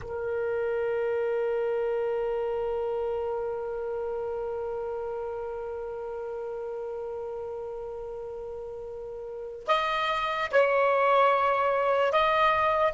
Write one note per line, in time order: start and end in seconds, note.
0.02 9.67 A#4
9.67 10.49 D#5
10.51 12.12 C#5
12.12 12.93 D#5